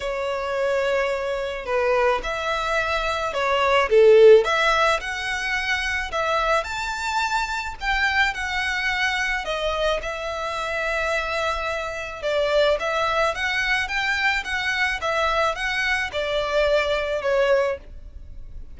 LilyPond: \new Staff \with { instrumentName = "violin" } { \time 4/4 \tempo 4 = 108 cis''2. b'4 | e''2 cis''4 a'4 | e''4 fis''2 e''4 | a''2 g''4 fis''4~ |
fis''4 dis''4 e''2~ | e''2 d''4 e''4 | fis''4 g''4 fis''4 e''4 | fis''4 d''2 cis''4 | }